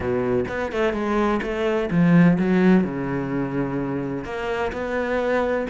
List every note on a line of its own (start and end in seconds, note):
0.00 0.44 B2
0.48 0.72 B3
0.72 0.93 A3
0.93 1.40 G#3
1.42 1.89 A3
1.90 2.38 F3
2.39 2.83 F#3
2.83 4.24 C#3
4.24 4.71 A#3
4.72 5.66 B3